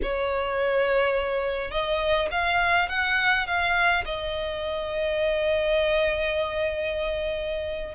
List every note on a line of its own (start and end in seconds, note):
0.02 1.70 C#5
1.70 2.28 D#5
2.31 2.88 F5
2.88 3.46 F#5
3.46 4.04 F5
4.05 7.94 D#5